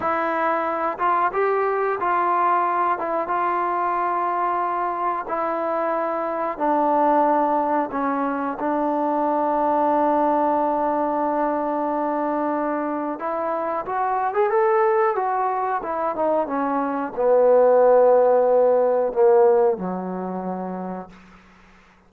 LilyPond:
\new Staff \with { instrumentName = "trombone" } { \time 4/4 \tempo 4 = 91 e'4. f'8 g'4 f'4~ | f'8 e'8 f'2. | e'2 d'2 | cis'4 d'2.~ |
d'1 | e'4 fis'8. gis'16 a'4 fis'4 | e'8 dis'8 cis'4 b2~ | b4 ais4 fis2 | }